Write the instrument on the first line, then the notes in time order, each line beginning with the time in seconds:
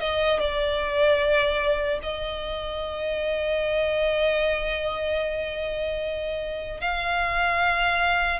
violin
0.00 D#5
0.40 D5
2.02 D#5
6.81 F5